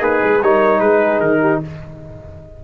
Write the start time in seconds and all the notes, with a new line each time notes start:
0.00 A#3 D#4 G#4 B4
0.24 G#3
0.42 G3 D#4 A#4 C#5
0.80 G#3 G#4 B4
1.21 D#3 A#4
1.41 G4